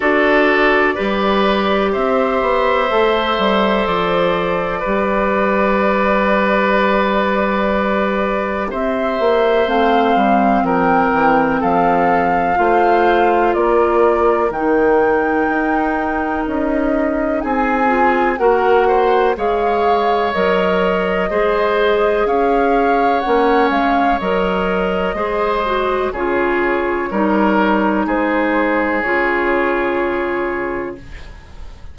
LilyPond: <<
  \new Staff \with { instrumentName = "flute" } { \time 4/4 \tempo 4 = 62 d''2 e''2 | d''1~ | d''4 e''4 f''4 g''4 | f''2 d''4 g''4~ |
g''4 dis''4 gis''4 fis''4 | f''4 dis''2 f''4 | fis''8 f''8 dis''2 cis''4~ | cis''4 c''4 cis''2 | }
  \new Staff \with { instrumentName = "oboe" } { \time 4/4 a'4 b'4 c''2~ | c''4 b'2.~ | b'4 c''2 ais'4 | a'4 c''4 ais'2~ |
ais'2 gis'4 ais'8 c''8 | cis''2 c''4 cis''4~ | cis''2 c''4 gis'4 | ais'4 gis'2. | }
  \new Staff \with { instrumentName = "clarinet" } { \time 4/4 fis'4 g'2 a'4~ | a'4 g'2.~ | g'2 c'2~ | c'4 f'2 dis'4~ |
dis'2~ dis'8 f'8 fis'4 | gis'4 ais'4 gis'2 | cis'4 ais'4 gis'8 fis'8 f'4 | dis'2 f'2 | }
  \new Staff \with { instrumentName = "bassoon" } { \time 4/4 d'4 g4 c'8 b8 a8 g8 | f4 g2.~ | g4 c'8 ais8 a8 g8 f8 e8 | f4 a4 ais4 dis4 |
dis'4 cis'4 c'4 ais4 | gis4 fis4 gis4 cis'4 | ais8 gis8 fis4 gis4 cis4 | g4 gis4 cis2 | }
>>